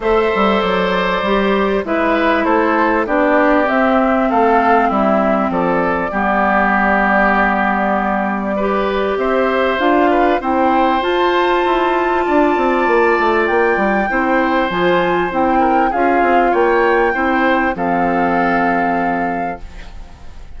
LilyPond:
<<
  \new Staff \with { instrumentName = "flute" } { \time 4/4 \tempo 4 = 98 e''4 d''2 e''4 | c''4 d''4 e''4 f''4 | e''4 d''2.~ | d''2. e''4 |
f''4 g''4 a''2~ | a''2 g''2 | gis''4 g''4 f''4 g''4~ | g''4 f''2. | }
  \new Staff \with { instrumentName = "oboe" } { \time 4/4 c''2. b'4 | a'4 g'2 a'4 | e'4 a'4 g'2~ | g'2 b'4 c''4~ |
c''8 b'8 c''2. | d''2. c''4~ | c''4. ais'8 gis'4 cis''4 | c''4 a'2. | }
  \new Staff \with { instrumentName = "clarinet" } { \time 4/4 a'2 g'4 e'4~ | e'4 d'4 c'2~ | c'2 b2~ | b2 g'2 |
f'4 e'4 f'2~ | f'2. e'4 | f'4 e'4 f'2 | e'4 c'2. | }
  \new Staff \with { instrumentName = "bassoon" } { \time 4/4 a8 g8 fis4 g4 gis4 | a4 b4 c'4 a4 | g4 f4 g2~ | g2. c'4 |
d'4 c'4 f'4 e'4 | d'8 c'8 ais8 a8 ais8 g8 c'4 | f4 c'4 cis'8 c'8 ais4 | c'4 f2. | }
>>